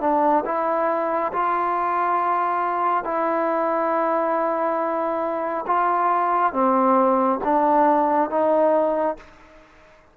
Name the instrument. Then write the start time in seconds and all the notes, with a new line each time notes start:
trombone
0.00 D4
0.45 E4
1.32 F4
3.04 E4
5.66 F4
6.52 C4
7.43 D4
8.30 D#4